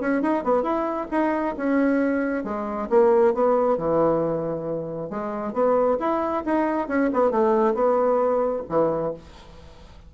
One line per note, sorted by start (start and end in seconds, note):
0.00 0.21 C#4
0.21 0.44 D#4
0.44 0.62 B3
0.62 1.07 E4
1.11 1.55 D#4
1.56 2.44 C#4
2.44 2.88 G#3
2.89 3.34 A#3
3.34 3.77 B3
3.77 5.10 E3
5.10 5.53 G#3
5.53 5.97 B3
5.99 6.44 E4
6.45 6.88 D#4
6.88 7.10 C#4
7.13 7.31 B3
7.31 7.74 A3
7.74 8.63 B3
8.69 9.13 E3